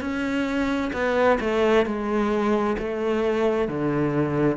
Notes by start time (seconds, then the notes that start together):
0.00 C#4
0.93 B3
1.40 A3
1.86 G#3
2.78 A3
3.68 D3